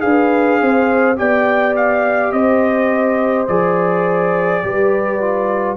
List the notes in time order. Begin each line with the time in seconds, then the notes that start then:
0.00 D4 G#4 B4 F5
0.62 C4 C5
1.17 B3 G4 D5 G5
1.77 F5
2.33 C4 C5 D#5
3.48 F3 G#4 D5
4.64 G3 G4 B4
5.22 F4